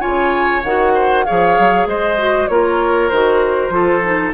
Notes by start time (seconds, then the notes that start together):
0.00 C#3 F4 C#5 G#5
0.64 D#3 F#4 F#5
0.94 C5
1.25 F3 G#4 C#5 F5
1.59 F#3
1.86 G#3 C5 D#5
2.18 F#4
2.48 A#3 F4 A#4 C#5
3.09 D#3 F#4 C5
3.69 F3 F4 A4
4.04 D#4